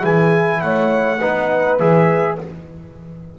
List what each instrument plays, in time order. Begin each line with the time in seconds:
0.00 double bass E3, trombone E4, horn G#4, trumpet G#5
0.60 double bass A3, horn C#5, trumpet F#5
1.19 double bass B3, trombone D#4, horn B4
1.78 double bass E3, trombone G#4, trumpet E5